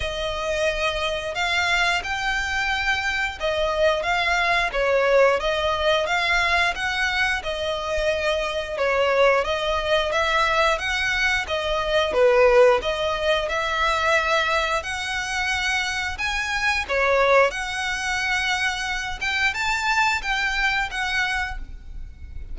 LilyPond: \new Staff \with { instrumentName = "violin" } { \time 4/4 \tempo 4 = 89 dis''2 f''4 g''4~ | g''4 dis''4 f''4 cis''4 | dis''4 f''4 fis''4 dis''4~ | dis''4 cis''4 dis''4 e''4 |
fis''4 dis''4 b'4 dis''4 | e''2 fis''2 | gis''4 cis''4 fis''2~ | fis''8 g''8 a''4 g''4 fis''4 | }